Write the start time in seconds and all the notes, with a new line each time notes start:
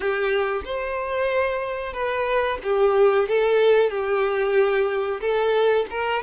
0.00 G4
0.64 C5
1.93 B4
2.63 G4
3.28 A4
3.90 G4
5.21 A4
5.90 A#4